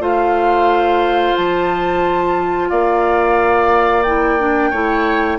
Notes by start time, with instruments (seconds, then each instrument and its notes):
0.00 bassoon A3, clarinet F4, oboe C5, flute F5
1.36 bassoon F3, flute A5
2.69 bassoon A#3, oboe D5, flute F5
4.03 clarinet E4, flute G5
4.39 clarinet D4
4.71 bassoon A3, clarinet E4, oboe C#5